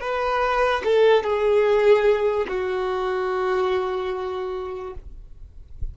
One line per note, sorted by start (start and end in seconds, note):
0.00 0.82 B4
0.84 1.23 A4
1.23 2.47 G#4
2.47 4.94 F#4